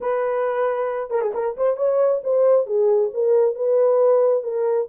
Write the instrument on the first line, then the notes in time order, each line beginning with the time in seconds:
horn
0.00 B4
1.10 A#4
1.21 G#4
1.34 A#4
1.57 C5
1.77 C#5
2.23 C5
2.66 G#4
3.13 A#4
3.55 B4
4.43 A#4